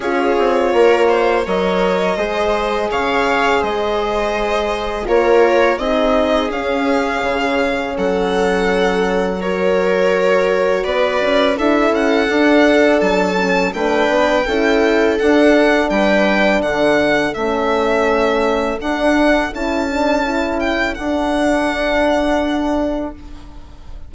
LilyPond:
<<
  \new Staff \with { instrumentName = "violin" } { \time 4/4 \tempo 4 = 83 cis''2 dis''2 | f''4 dis''2 cis''4 | dis''4 f''2 fis''4~ | fis''4 cis''2 d''4 |
e''8 fis''4. a''4 g''4~ | g''4 fis''4 g''4 fis''4 | e''2 fis''4 a''4~ | a''8 g''8 fis''2. | }
  \new Staff \with { instrumentName = "viola" } { \time 4/4 gis'4 ais'8 c''8 cis''4 c''4 | cis''4 c''2 ais'4 | gis'2. a'4~ | a'4 ais'2 b'4 |
a'2. b'4 | a'2 b'4 a'4~ | a'1~ | a'1 | }
  \new Staff \with { instrumentName = "horn" } { \time 4/4 f'2 ais'4 gis'4~ | gis'2. f'4 | dis'4 cis'2.~ | cis'4 fis'2. |
e'4 d'4. cis'8 d'4 | e'4 d'2. | cis'2 d'4 e'8 d'8 | e'4 d'2. | }
  \new Staff \with { instrumentName = "bassoon" } { \time 4/4 cis'8 c'8 ais4 fis4 gis4 | cis4 gis2 ais4 | c'4 cis'4 cis4 fis4~ | fis2. b8 cis'8 |
d'8 cis'8 d'4 fis4 a8 b8 | cis'4 d'4 g4 d4 | a2 d'4 cis'4~ | cis'4 d'2. | }
>>